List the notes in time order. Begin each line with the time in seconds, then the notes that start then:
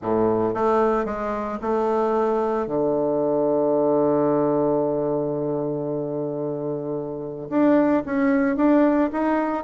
0.01 A2
0.54 A3
1.05 G#3
1.61 A3
2.66 D3
7.49 D4
8.05 C#4
8.56 D4
9.12 D#4